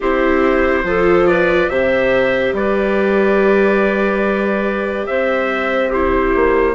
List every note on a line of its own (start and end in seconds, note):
0.00 0.83 C4
0.00 0.85 E4
0.00 0.85 G4
0.00 1.27 C5
0.83 1.68 F3
0.83 1.70 F4
0.83 1.28 A4
1.27 1.70 B4
1.27 1.69 D5
1.69 2.52 C3
1.69 5.92 G4
1.69 2.55 C5
1.69 2.53 E5
2.52 5.06 G3
2.52 5.07 B4
2.52 5.06 D5
5.06 6.35 C4
5.06 5.89 C5
5.06 5.90 E5
5.89 6.75 E4
5.89 6.73 G4
5.89 6.75 C5
6.35 6.75 A#3